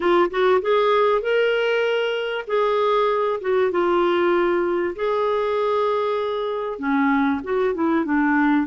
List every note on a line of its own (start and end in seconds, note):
0.00 0.30 F4
0.30 0.61 F#4
0.61 1.21 G#4
1.21 2.45 A#4
2.47 3.40 G#4
3.40 3.71 F#4
3.71 4.95 F4
4.95 6.78 G#4
6.78 7.40 C#4
7.43 7.74 F#4
7.74 8.04 E4
8.04 8.66 D4